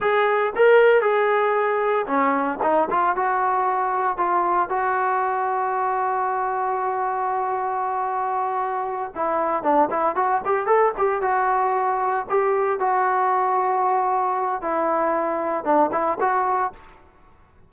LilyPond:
\new Staff \with { instrumentName = "trombone" } { \time 4/4 \tempo 4 = 115 gis'4 ais'4 gis'2 | cis'4 dis'8 f'8 fis'2 | f'4 fis'2.~ | fis'1~ |
fis'4. e'4 d'8 e'8 fis'8 | g'8 a'8 g'8 fis'2 g'8~ | g'8 fis'2.~ fis'8 | e'2 d'8 e'8 fis'4 | }